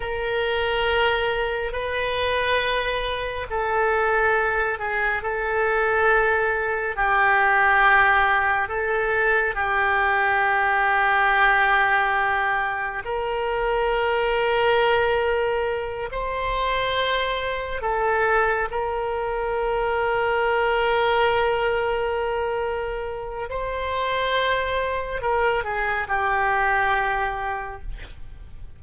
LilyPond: \new Staff \with { instrumentName = "oboe" } { \time 4/4 \tempo 4 = 69 ais'2 b'2 | a'4. gis'8 a'2 | g'2 a'4 g'4~ | g'2. ais'4~ |
ais'2~ ais'8 c''4.~ | c''8 a'4 ais'2~ ais'8~ | ais'2. c''4~ | c''4 ais'8 gis'8 g'2 | }